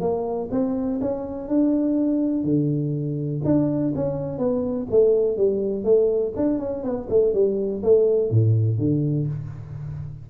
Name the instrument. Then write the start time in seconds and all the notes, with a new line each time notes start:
tuba
0.00 A#3
0.51 C4
1.01 C#4
1.48 D4
2.44 D3
3.45 D4
3.95 C#4
4.38 B3
4.90 A3
5.37 G3
5.84 A3
6.36 D4
6.59 C#4
6.83 B3
7.09 A3
7.33 G3
7.83 A3
8.30 A2
8.78 D3